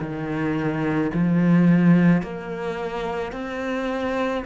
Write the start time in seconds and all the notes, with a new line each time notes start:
0.00 D#3
1.14 F3
2.22 A#3
3.32 C4